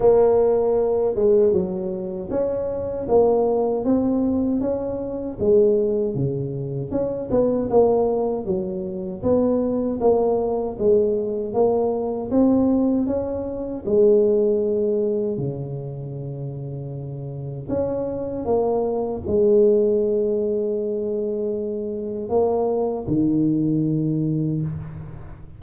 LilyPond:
\new Staff \with { instrumentName = "tuba" } { \time 4/4 \tempo 4 = 78 ais4. gis8 fis4 cis'4 | ais4 c'4 cis'4 gis4 | cis4 cis'8 b8 ais4 fis4 | b4 ais4 gis4 ais4 |
c'4 cis'4 gis2 | cis2. cis'4 | ais4 gis2.~ | gis4 ais4 dis2 | }